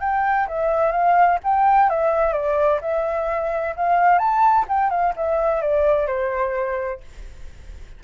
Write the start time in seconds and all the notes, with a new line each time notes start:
0.00 G5
0.48 E5
0.92 F5
1.43 G5
1.90 E5
2.33 D5
2.81 E5
3.76 F5
4.18 A5
4.68 G5
4.90 F5
5.16 E5
5.61 D5
6.07 C5